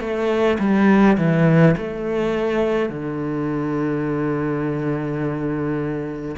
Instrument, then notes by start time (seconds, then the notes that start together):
cello
0.00 A3
0.59 G3
1.17 E3
1.77 A3
2.90 D3